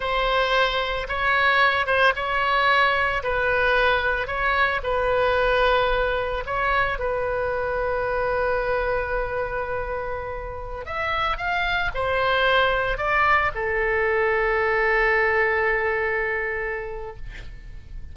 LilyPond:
\new Staff \with { instrumentName = "oboe" } { \time 4/4 \tempo 4 = 112 c''2 cis''4. c''8 | cis''2 b'2 | cis''4 b'2. | cis''4 b'2.~ |
b'1~ | b'16 e''4 f''4 c''4.~ c''16~ | c''16 d''4 a'2~ a'8.~ | a'1 | }